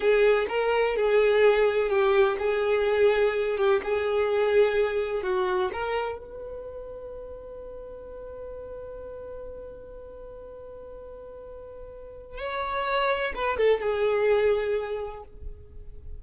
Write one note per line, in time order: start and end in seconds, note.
0.00 0.46 G#4
0.48 0.96 A#4
0.96 1.89 G#4
1.89 2.36 G4
2.38 3.57 G#4
3.57 3.81 G4
3.83 5.23 G#4
5.23 5.70 F#4
5.72 6.18 A#4
6.18 12.37 B4
12.37 13.33 C#5
13.35 13.57 B4
13.57 13.80 A4
13.80 15.23 G#4